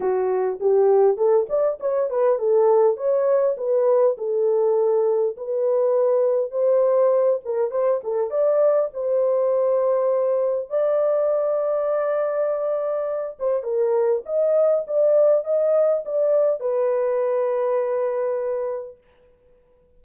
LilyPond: \new Staff \with { instrumentName = "horn" } { \time 4/4 \tempo 4 = 101 fis'4 g'4 a'8 d''8 cis''8 b'8 | a'4 cis''4 b'4 a'4~ | a'4 b'2 c''4~ | c''8 ais'8 c''8 a'8 d''4 c''4~ |
c''2 d''2~ | d''2~ d''8 c''8 ais'4 | dis''4 d''4 dis''4 d''4 | b'1 | }